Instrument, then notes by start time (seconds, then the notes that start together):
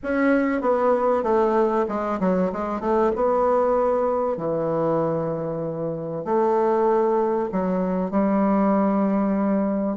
bassoon
0.03 C#4
0.61 B3
1.23 A3
1.88 G#3
2.20 F#3
2.52 G#3
2.80 A3
3.15 B3
4.37 E3
6.24 A3
7.51 F#3
8.11 G3